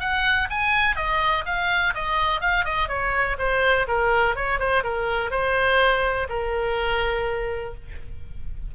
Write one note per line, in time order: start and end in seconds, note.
0.00 0.48 F#5
0.50 0.96 G#5
0.96 1.45 D#5
1.46 1.94 F5
1.94 2.41 D#5
2.41 2.65 F5
2.65 2.89 D#5
2.89 3.37 C#5
3.38 3.87 C5
3.88 4.36 A#4
4.36 4.59 C#5
4.59 4.83 C5
4.84 5.31 A#4
5.31 6.27 C5
6.29 7.75 A#4